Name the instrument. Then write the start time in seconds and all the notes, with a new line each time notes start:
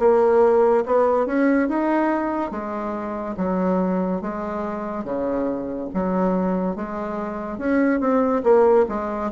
bassoon
0.00 A#3
0.86 B3
1.27 C#4
1.69 D#4
2.51 G#3
3.37 F#3
4.22 G#3
5.05 C#3
5.94 F#3
6.76 G#3
7.59 C#4
8.01 C4
8.44 A#3
8.89 G#3